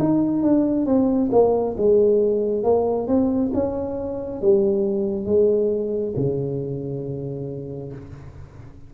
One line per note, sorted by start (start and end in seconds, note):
0.00 0.43 D#4
0.43 0.86 D4
0.86 1.30 C4
1.32 1.76 A#3
1.78 2.64 G#3
2.64 3.08 A#3
3.08 3.52 C4
3.55 4.42 C#4
4.42 5.26 G3
5.26 6.14 G#3
6.17 7.93 C#3